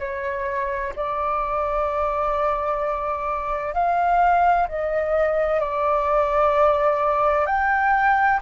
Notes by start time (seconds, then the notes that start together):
0.00 C#5
0.96 D5
3.74 F5
4.69 D#5
5.61 D5
7.47 G5